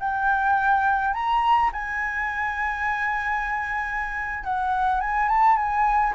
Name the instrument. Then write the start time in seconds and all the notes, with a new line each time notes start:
flute
0.00 G5
1.14 A#5
1.73 G#5
4.44 F#5
5.01 G#5
5.29 A5
5.57 G#5